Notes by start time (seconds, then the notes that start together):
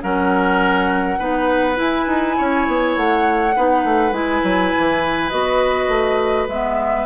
0.00 F#3 C#4 A#4 F#5
1.18 B3 D#4 B4
1.75 E4 G#5
2.07 D#4
2.37 C#4 C#5
2.67 B3
2.95 A3 F#5
3.55 B3 D#4 B4
3.84 A3
4.11 G#3 E4 G#5
4.43 F#3
4.77 E3
5.28 B3 F#4 D#5
5.88 A3
6.48 G#3 B3 E5